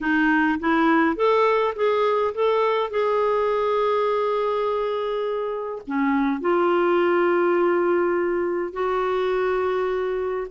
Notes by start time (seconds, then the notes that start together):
0.01 D#4
0.59 E4
1.15 A4
1.75 G#4
2.34 A4
2.90 G#4
5.86 C#4
6.40 F4
8.72 F#4